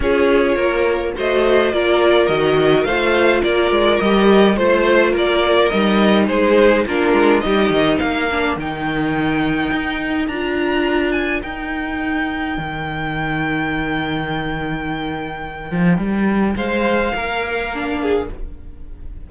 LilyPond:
<<
  \new Staff \with { instrumentName = "violin" } { \time 4/4 \tempo 4 = 105 cis''2 dis''4 d''4 | dis''4 f''4 d''4 dis''4 | c''4 d''4 dis''4 c''4 | ais'4 dis''4 f''4 g''4~ |
g''2 ais''4. gis''8 | g''1~ | g''1~ | g''4 f''2. | }
  \new Staff \with { instrumentName = "violin" } { \time 4/4 gis'4 ais'4 c''4 ais'4~ | ais'4 c''4 ais'2 | c''4 ais'2 gis'4 | f'4 g'4 ais'2~ |
ais'1~ | ais'1~ | ais'1~ | ais'4 c''4 ais'4. gis'8 | }
  \new Staff \with { instrumentName = "viola" } { \time 4/4 f'2 fis'4 f'4 | fis'4 f'2 g'4 | f'2 dis'2 | d'4 dis'4. d'8 dis'4~ |
dis'2 f'2 | dis'1~ | dis'1~ | dis'2. d'4 | }
  \new Staff \with { instrumentName = "cello" } { \time 4/4 cis'4 ais4 a4 ais4 | dis4 a4 ais8 gis8 g4 | a4 ais4 g4 gis4 | ais8 gis8 g8 dis8 ais4 dis4~ |
dis4 dis'4 d'2 | dis'2 dis2~ | dis2.~ dis8 f8 | g4 gis4 ais2 | }
>>